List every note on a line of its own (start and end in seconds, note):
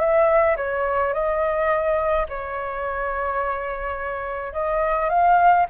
0.00 0.57 E5
0.57 1.13 C#5
1.13 2.27 D#5
2.29 4.53 C#5
4.53 5.10 D#5
5.10 5.66 F5